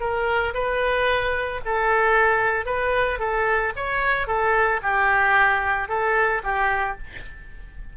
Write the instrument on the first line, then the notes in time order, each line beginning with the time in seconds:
oboe
0.00 A#4
0.54 B4
1.65 A4
2.65 B4
3.19 A4
3.76 C#5
4.27 A4
4.82 G4
5.88 A4
6.43 G4